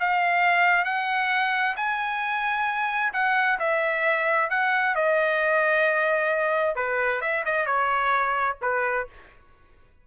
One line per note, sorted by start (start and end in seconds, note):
0.00 0.85 F5
0.85 1.76 F#5
1.76 3.13 G#5
3.13 3.59 F#5
3.59 4.50 E5
4.50 4.95 F#5
4.95 6.76 D#5
6.76 7.21 B4
7.21 7.44 E5
7.45 7.66 D#5
7.66 8.57 C#5
8.62 9.07 B4